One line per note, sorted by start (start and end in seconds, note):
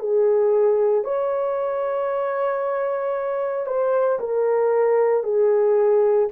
0.00 1.05 G#4
1.05 3.67 C#5
3.67 4.19 C5
4.20 5.24 A#4
5.24 6.29 G#4